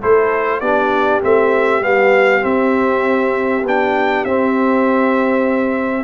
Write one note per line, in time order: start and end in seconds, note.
0.00 0.61 A3
0.00 0.62 E4
0.00 0.60 A4
0.00 0.60 C5
0.60 1.21 B3
0.60 1.22 D4
0.60 6.04 G4
0.60 1.20 D5
1.22 1.81 A3
1.22 1.82 C4
1.22 1.83 E5
1.81 2.42 G3
1.81 2.41 B3
1.81 2.44 F5
2.41 3.62 C4
2.41 3.63 C4
2.41 3.65 E5
3.63 4.24 B3
3.63 4.26 D4
3.63 4.25 G5
4.25 6.04 C4
4.25 6.04 E5